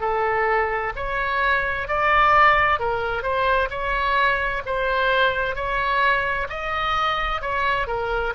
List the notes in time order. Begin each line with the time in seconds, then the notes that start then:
0.00 A4
0.96 C#5
1.88 D5
2.79 A#4
3.22 C5
3.70 C#5
4.66 C5
5.55 C#5
6.49 D#5
7.41 C#5
7.87 A#4